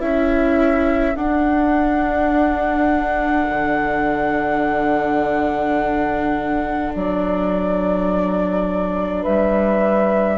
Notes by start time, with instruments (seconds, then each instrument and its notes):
0.00 bassoon C#4, viola E4, horn A4, flute E5
1.16 bassoon D4, viola D4, flute F#5
3.50 bassoon D3
6.95 bassoon F#3, flute D5
9.22 bassoon G3, horn B4, flute E5